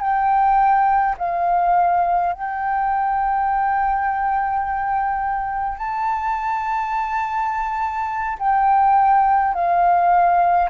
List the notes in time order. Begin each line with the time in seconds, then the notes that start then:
0.00 G5
1.18 F5
2.33 G5
5.78 A5
8.39 G5
9.54 F5